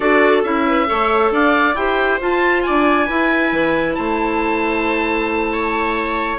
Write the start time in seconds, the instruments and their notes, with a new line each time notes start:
0.00 bassoon D4, clarinet F#4, viola A4, oboe D5
0.43 bassoon C#4, clarinet E4, oboe E5
0.66 viola B4
0.86 bassoon A3, clarinet A4, viola C#5
1.31 bassoon D4, viola D5, oboe F5
1.74 bassoon E4, clarinet G4, viola C5, oboe G5
2.20 clarinet F4, bassoon F4, oboe A5
2.62 viola D5, oboe G#5
2.68 bassoon D4
3.05 clarinet E4, bassoon E4, viola B4
3.52 bassoon E3
3.94 bassoon A3, viola C5, oboe A5
5.52 viola C#5